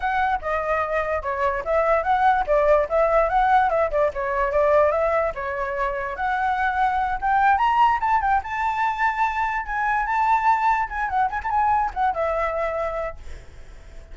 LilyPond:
\new Staff \with { instrumentName = "flute" } { \time 4/4 \tempo 4 = 146 fis''4 dis''2 cis''4 | e''4 fis''4 d''4 e''4 | fis''4 e''8 d''8 cis''4 d''4 | e''4 cis''2 fis''4~ |
fis''4. g''4 ais''4 a''8 | g''8 a''2. gis''8~ | gis''8 a''2 gis''8 fis''8 gis''16 a''16 | gis''4 fis''8 e''2~ e''8 | }